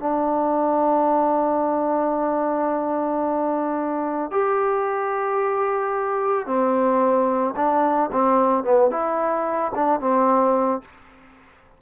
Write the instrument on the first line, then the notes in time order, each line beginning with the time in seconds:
trombone
0.00 D4
4.31 G4
6.47 C4
7.57 D4
8.13 C4
8.64 B3
8.91 E4
9.76 D4
10.01 C4